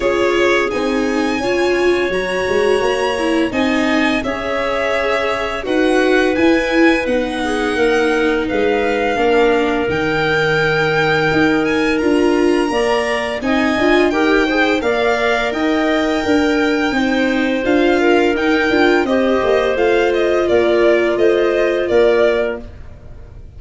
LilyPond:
<<
  \new Staff \with { instrumentName = "violin" } { \time 4/4 \tempo 4 = 85 cis''4 gis''2 ais''4~ | ais''4 gis''4 e''2 | fis''4 gis''4 fis''2 | f''2 g''2~ |
g''8 gis''8 ais''2 gis''4 | g''4 f''4 g''2~ | g''4 f''4 g''4 dis''4 | f''8 dis''8 d''4 dis''4 d''4 | }
  \new Staff \with { instrumentName = "clarinet" } { \time 4/4 gis'2 cis''2~ | cis''4 dis''4 cis''2 | b'2~ b'8 gis'8 ais'4 | b'4 ais'2.~ |
ais'2 d''4 dis''4 | ais'8 c''8 d''4 dis''4 ais'4 | c''4. ais'4. c''4~ | c''4 ais'4 c''4 ais'4 | }
  \new Staff \with { instrumentName = "viola" } { \time 4/4 f'4 dis'4 f'4 fis'4~ | fis'8 e'8 dis'4 gis'2 | fis'4 e'4 dis'2~ | dis'4 d'4 dis'2~ |
dis'4 f'4 ais'4 dis'8 f'8 | g'8 gis'8 ais'2. | dis'4 f'4 dis'8 f'8 g'4 | f'1 | }
  \new Staff \with { instrumentName = "tuba" } { \time 4/4 cis'4 c'4 cis'4 fis8 gis8 | ais4 c'4 cis'2 | dis'4 e'4 b4 ais4 | gis4 ais4 dis2 |
dis'4 d'4 ais4 c'8 d'8 | dis'4 ais4 dis'4 d'4 | c'4 d'4 dis'8 d'8 c'8 ais8 | a4 ais4 a4 ais4 | }
>>